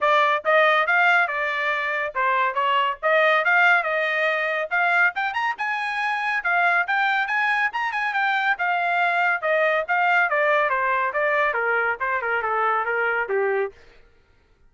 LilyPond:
\new Staff \with { instrumentName = "trumpet" } { \time 4/4 \tempo 4 = 140 d''4 dis''4 f''4 d''4~ | d''4 c''4 cis''4 dis''4 | f''4 dis''2 f''4 | g''8 ais''8 gis''2 f''4 |
g''4 gis''4 ais''8 gis''8 g''4 | f''2 dis''4 f''4 | d''4 c''4 d''4 ais'4 | c''8 ais'8 a'4 ais'4 g'4 | }